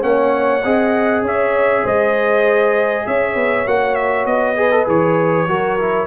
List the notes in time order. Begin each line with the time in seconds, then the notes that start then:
0.00 A#3 C#4 C#5 F#5
0.64 C4 G#4 D#5
1.22 C#4 C#5 E5
1.83 G#3 C5 D#5
3.07 C#4 C#5 E5
3.35 B3
3.66 A#3 F#4 F#5
3.95 E5
4.26 B3 D#5
4.56 G#4 B4
4.71 A4
4.86 E3 G#4 C#5
5.47 F#3 F#4 A#4
5.79 E4